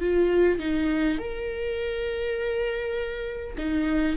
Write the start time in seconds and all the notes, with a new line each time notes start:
0.00 F4
0.59 D#4
1.18 A#4
3.57 D#4